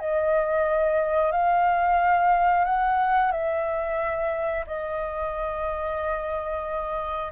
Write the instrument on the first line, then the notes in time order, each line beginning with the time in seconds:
flute
0.00 D#5
1.32 F5
2.65 F#5
3.32 E5
4.67 D#5